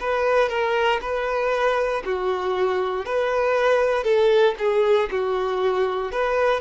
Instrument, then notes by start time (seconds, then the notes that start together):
violin
0.00 B4
0.49 A#4
1.01 B4
2.05 F#4
3.05 B4
4.04 A4
4.58 G#4
5.10 F#4
6.12 B4